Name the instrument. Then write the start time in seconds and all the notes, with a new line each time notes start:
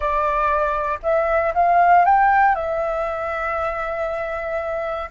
flute
0.00 D5
1.02 E5
1.54 F5
2.05 G5
2.55 E5